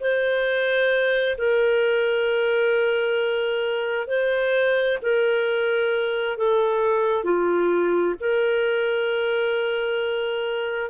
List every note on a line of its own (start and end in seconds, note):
0.00 1.36 C5
1.38 4.07 A#4
4.07 4.98 C5
5.02 6.37 A#4
6.37 7.24 A4
7.24 8.15 F4
8.20 10.90 A#4